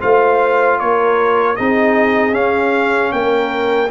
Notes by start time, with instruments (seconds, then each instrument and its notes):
0.00 tuba A3, trombone F4, horn C5, trumpet F5
0.79 tuba A#3, horn A#4, trumpet C#5
1.56 tuba C4, trombone D#4, horn G#4, trumpet D#5
2.33 trombone C#4, tuba C#4, trumpet F5
3.12 tuba A#3, horn A#4, trumpet G5